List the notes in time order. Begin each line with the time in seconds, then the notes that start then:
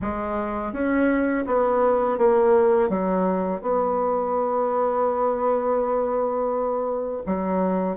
0.01 G#3
0.72 C#4
1.46 B3
2.18 A#3
2.89 F#3
3.61 B3
7.26 F#3